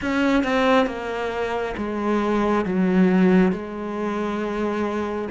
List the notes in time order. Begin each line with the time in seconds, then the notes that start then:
0.01 C#4
0.43 C4
0.86 A#3
1.77 G#3
2.65 F#3
3.51 G#3